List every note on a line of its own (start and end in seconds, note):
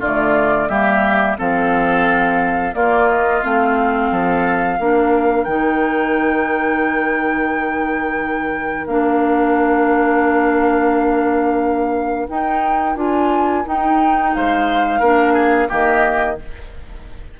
0.00 0.69 D3
0.00 0.70 A3
0.00 0.68 F4
0.00 0.69 D5
0.69 1.37 G3
0.69 1.37 A#3
0.69 1.37 G4
0.69 1.37 E5
1.37 2.74 F3
1.37 2.73 C4
1.37 2.75 A4
1.37 2.74 F5
2.73 3.41 A#3
2.73 3.42 A#3
2.73 4.11 F4
2.73 3.09 D5
3.09 3.43 D#5
3.42 4.11 A3
3.42 4.78 C4
3.42 5.44 F5
4.11 4.79 F3
4.11 4.79 A4
4.79 5.46 A#3
4.79 5.47 D4
4.79 14.33 A#4
5.44 8.87 D#3
5.44 8.87 D#4
5.44 8.85 G5
8.87 12.28 A#3
8.87 12.28 D4
8.87 12.28 F5
12.28 12.96 D#4
12.28 12.97 G5
12.96 13.64 D4
12.96 13.64 F4
12.96 13.67 G#5
13.65 15.01 D#4
13.65 14.35 D#4
13.65 14.34 G5
14.34 15.00 G#3
14.34 15.00 C5
14.34 15.71 F5
15.00 15.68 A#3
15.00 15.68 D4
15.00 15.33 A#4
15.33 15.67 G#4
15.68 16.40 D#3
15.68 16.36 A#3
15.68 16.36 G4
15.68 16.39 D#5